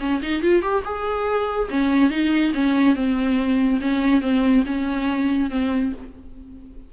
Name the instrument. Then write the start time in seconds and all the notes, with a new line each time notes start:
viola
0.00 C#4
0.22 D#4
0.42 F4
0.62 G4
0.85 G#4
1.70 C#4
2.10 D#4
2.54 C#4
2.96 C4
3.81 C#4
4.22 C4
4.66 C#4
5.51 C4